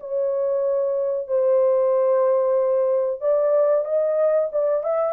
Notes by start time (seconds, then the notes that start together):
0.00 C#5
1.28 C5
3.21 D5
3.85 D#5
4.52 D5
4.83 E5